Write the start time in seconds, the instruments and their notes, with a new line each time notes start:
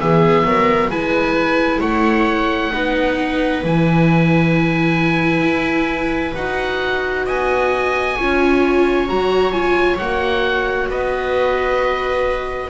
0.00 double bass E3, viola B3 G#4, oboe E5
0.44 double bass F#3, viola A#4
0.89 double bass G#3, viola E4 B4, oboe G#5
1.80 double bass A3, viola C#5, oboe F#5
2.73 double bass B3, viola D#4 B4
3.64 double bass E3, viola E4, oboe G#5
5.41 double bass E4
6.35 double bass D#4, viola F#4, oboe F#5
7.26 double bass B3, viola D#5, oboe G#5
8.16 double bass C#4, viola F4 C#5
9.07 double bass F#3, viola F#4, oboe A#5
9.52 viola F4, oboe G#5
9.98 double bass A#3, viola F#4, oboe F#5
10.89 double bass B3, viola B4, oboe D#5